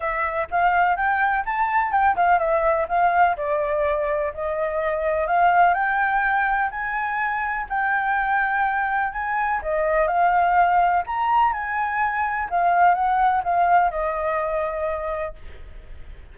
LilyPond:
\new Staff \with { instrumentName = "flute" } { \time 4/4 \tempo 4 = 125 e''4 f''4 g''4 a''4 | g''8 f''8 e''4 f''4 d''4~ | d''4 dis''2 f''4 | g''2 gis''2 |
g''2. gis''4 | dis''4 f''2 ais''4 | gis''2 f''4 fis''4 | f''4 dis''2. | }